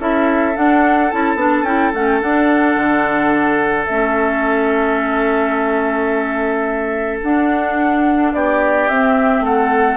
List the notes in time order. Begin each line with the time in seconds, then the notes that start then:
0.00 C#4 E4 A4 E5
0.56 D4 F#5
1.11 C#4 E4 A5
1.36 B3 D4
1.63 C#4 E4 G5
1.94 A3 C#4 F#5
2.06 G5
2.22 D4 F#5
2.76 D3
3.86 A3 C#4 E5
7.23 D4 F#5
8.34 B3 G4 D5
8.89 C4 E5
9.41 A3 A4 F#5